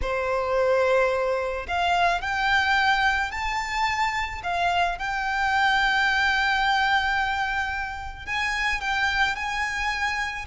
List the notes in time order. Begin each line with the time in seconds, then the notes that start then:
0.02 C5
1.67 F5
2.21 G5
3.31 A5
4.43 F5
4.98 G5
8.26 G#5
8.80 G5
9.35 G#5